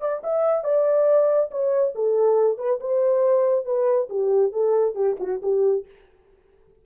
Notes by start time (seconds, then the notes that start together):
0.00 D5
0.23 E5
0.64 D5
1.51 C#5
1.95 A4
2.57 B4
2.80 C5
3.65 B4
4.09 G4
4.52 A4
4.95 G4
5.20 F#4
5.42 G4